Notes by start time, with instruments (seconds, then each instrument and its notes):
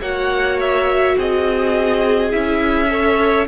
0.00 cello A#3, viola F#4, violin C#5 F#5
0.59 violin E5
1.17 cello C4, violin G#4 D#5
2.31 cello C#4, viola E4, violin E5
2.89 viola A4, violin C#5